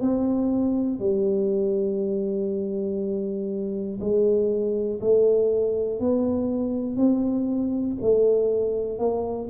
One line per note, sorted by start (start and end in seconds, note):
0.00 0.99 C4
0.99 3.99 G3
4.00 5.00 G#3
5.00 6.00 A3
6.00 6.96 B3
6.96 7.96 C4
8.01 8.99 A3
8.99 9.49 A#3